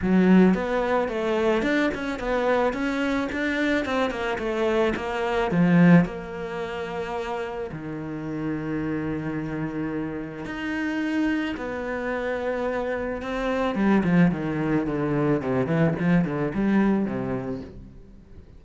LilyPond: \new Staff \with { instrumentName = "cello" } { \time 4/4 \tempo 4 = 109 fis4 b4 a4 d'8 cis'8 | b4 cis'4 d'4 c'8 ais8 | a4 ais4 f4 ais4~ | ais2 dis2~ |
dis2. dis'4~ | dis'4 b2. | c'4 g8 f8 dis4 d4 | c8 e8 f8 d8 g4 c4 | }